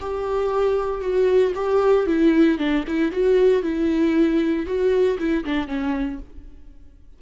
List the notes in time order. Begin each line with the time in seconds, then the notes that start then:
0.00 G4
1.01 F#4
1.55 G4
2.06 E4
2.58 D4
2.87 E4
3.12 F#4
3.63 E4
4.66 F#4
5.18 E4
5.45 D4
5.67 C#4